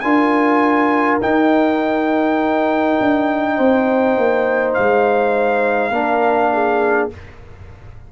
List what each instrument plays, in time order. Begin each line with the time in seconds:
0.00 tuba D4, trombone F4, horn A#4, trumpet G#5
1.21 tuba D#4, trombone D#4, trumpet G5
3.00 tuba D4
3.56 tuba C4, horn C5
4.17 tuba A#3
4.74 tuba G#3, trumpet F5
5.90 tuba A#3, trombone D4, horn A#4
6.53 horn G#4